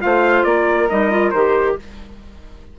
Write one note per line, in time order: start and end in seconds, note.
0.00 0.45 A3
0.00 0.88 F4
0.00 0.46 C5
0.00 0.44 F5
0.44 0.89 A#3
0.44 1.78 A#4
0.44 0.88 D5
0.89 1.33 G3
0.89 1.11 D#4
0.89 1.31 D#5
1.11 1.33 F4
1.31 1.77 D#3
1.31 1.79 G4
1.31 1.75 C5